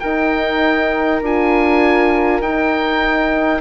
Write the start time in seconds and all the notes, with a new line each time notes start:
0.00 D#4 A#4 G5
1.22 D4 F4 G#5
2.40 D#4 G5